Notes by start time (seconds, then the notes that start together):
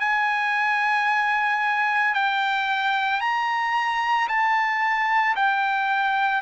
0.00 G#5
2.14 G5
3.21 A#5
4.29 A5
5.36 G5